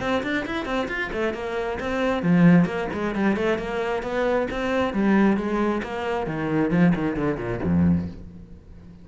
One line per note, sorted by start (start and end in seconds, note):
0.00 0.22 C4
0.23 0.45 D4
0.46 0.65 E4
0.65 0.88 C4
0.88 1.11 F4
1.12 1.34 A3
1.34 1.78 A#3
1.80 2.22 C4
2.22 2.65 F3
2.65 2.88 A#3
2.93 3.15 G#3
3.15 3.36 G3
3.36 3.58 A3
3.58 4.02 A#3
4.02 4.47 B3
4.50 4.93 C4
4.93 5.37 G3
5.37 5.81 G#3
5.82 6.26 A#3
6.26 6.70 D#3
6.70 6.93 F3
6.95 7.16 D#3
7.16 7.37 D3
7.37 7.59 A#2
7.63 8.08 F2